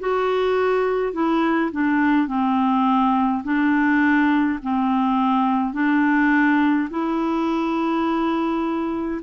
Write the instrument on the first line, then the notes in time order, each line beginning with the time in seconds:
clarinet
0.00 F#4
1.14 E4
1.72 D4
2.28 C4
3.44 D4
4.63 C4
5.74 D4
6.91 E4